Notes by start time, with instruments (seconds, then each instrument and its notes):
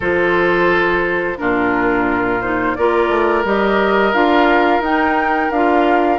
0.00 bassoon F3, clarinet F4, oboe A4, flute C5
1.37 bassoon A#2, clarinet D4, oboe F4, flute A#4
2.41 clarinet D#4, flute C5
2.75 bassoon A#3, clarinet F4, oboe A#4, flute D5
3.08 bassoon A3
3.44 bassoon G3, clarinet G4, flute D#5
4.13 bassoon D4, clarinet F4, flute F5
4.79 bassoon D#4, clarinet D#4, flute G5
5.50 bassoon D4, clarinet F4, flute F5